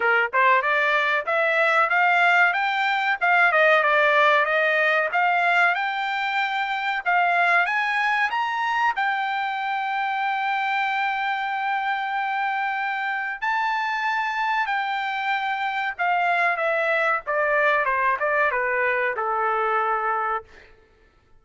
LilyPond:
\new Staff \with { instrumentName = "trumpet" } { \time 4/4 \tempo 4 = 94 ais'8 c''8 d''4 e''4 f''4 | g''4 f''8 dis''8 d''4 dis''4 | f''4 g''2 f''4 | gis''4 ais''4 g''2~ |
g''1~ | g''4 a''2 g''4~ | g''4 f''4 e''4 d''4 | c''8 d''8 b'4 a'2 | }